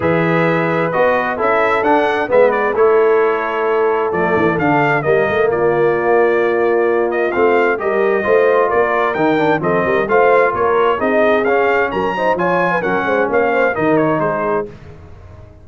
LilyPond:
<<
  \new Staff \with { instrumentName = "trumpet" } { \time 4/4 \tempo 4 = 131 e''2 dis''4 e''4 | fis''4 e''8 d''8 cis''2~ | cis''4 d''4 f''4 dis''4 | d''2.~ d''8 dis''8 |
f''4 dis''2 d''4 | g''4 dis''4 f''4 cis''4 | dis''4 f''4 ais''4 gis''4 | fis''4 f''4 dis''8 cis''8 c''4 | }
  \new Staff \with { instrumentName = "horn" } { \time 4/4 b'2. a'4~ | a'4 b'4 a'2~ | a'2. ais'4 | f'1~ |
f'4 ais'4 c''4 ais'4~ | ais'4 a'8 ais'8 c''4 ais'4 | gis'2 ais'8 c''8 cis''8. b'16 | ais'8 c''8 cis''8 c''8 ais'4 gis'4 | }
  \new Staff \with { instrumentName = "trombone" } { \time 4/4 gis'2 fis'4 e'4 | d'4 b4 e'2~ | e'4 a4 d'4 ais4~ | ais1 |
c'4 g'4 f'2 | dis'8 d'8 c'4 f'2 | dis'4 cis'4. dis'8 f'4 | cis'2 dis'2 | }
  \new Staff \with { instrumentName = "tuba" } { \time 4/4 e2 b4 cis'4 | d'4 gis4 a2~ | a4 f8 e8 d4 g8 a8 | ais1 |
a4 g4 a4 ais4 | dis4 f8 g8 a4 ais4 | c'4 cis'4 fis4 f4 | fis8 gis8 ais4 dis4 gis4 | }
>>